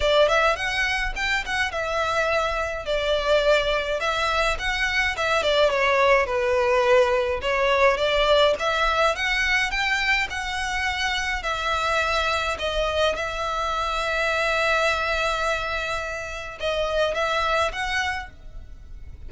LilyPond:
\new Staff \with { instrumentName = "violin" } { \time 4/4 \tempo 4 = 105 d''8 e''8 fis''4 g''8 fis''8 e''4~ | e''4 d''2 e''4 | fis''4 e''8 d''8 cis''4 b'4~ | b'4 cis''4 d''4 e''4 |
fis''4 g''4 fis''2 | e''2 dis''4 e''4~ | e''1~ | e''4 dis''4 e''4 fis''4 | }